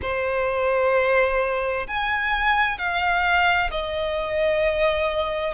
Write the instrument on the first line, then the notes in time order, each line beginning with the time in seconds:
violin
0.02 C5
1.87 G#5
2.78 F5
3.70 D#5